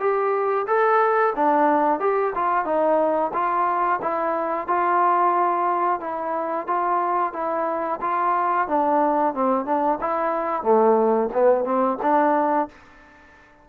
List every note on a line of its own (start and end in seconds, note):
0.00 0.67 G4
0.67 1.34 A4
1.36 2.00 D4
2.00 2.34 G4
2.35 2.65 F4
2.65 3.32 D#4
3.34 4.00 F4
4.02 4.68 E4
4.68 6.01 F4
6.01 6.67 E4
6.67 7.33 F4
7.33 8.00 E4
8.01 8.68 F4
8.68 9.35 D4
9.35 9.65 C4
9.65 9.99 D4
10.01 10.63 E4
10.63 11.30 A3
11.34 11.65 B3
11.65 11.98 C4
12.02 12.69 D4